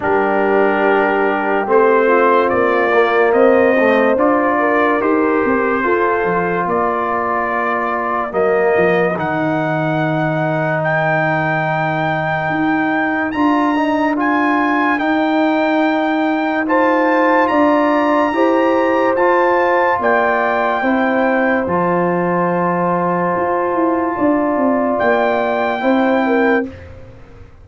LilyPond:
<<
  \new Staff \with { instrumentName = "trumpet" } { \time 4/4 \tempo 4 = 72 ais'2 c''4 d''4 | dis''4 d''4 c''2 | d''2 dis''4 fis''4~ | fis''4 g''2. |
ais''4 gis''4 g''2 | a''4 ais''2 a''4 | g''2 a''2~ | a''2 g''2 | }
  \new Staff \with { instrumentName = "horn" } { \time 4/4 g'2~ g'8 f'4. | c''4. ais'4. a'4 | ais'1~ | ais'1~ |
ais'1 | c''4 d''4 c''2 | d''4 c''2.~ | c''4 d''2 c''8 ais'8 | }
  \new Staff \with { instrumentName = "trombone" } { \time 4/4 d'2 c'4. ais8~ | ais8 a8 f'4 g'4 f'4~ | f'2 ais4 dis'4~ | dis'1 |
f'8 dis'8 f'4 dis'2 | f'2 g'4 f'4~ | f'4 e'4 f'2~ | f'2. e'4 | }
  \new Staff \with { instrumentName = "tuba" } { \time 4/4 g2 a4 ais4 | c'4 d'4 dis'8 c'8 f'8 f8 | ais2 fis8 f8 dis4~ | dis2. dis'4 |
d'2 dis'2~ | dis'4 d'4 e'4 f'4 | ais4 c'4 f2 | f'8 e'8 d'8 c'8 ais4 c'4 | }
>>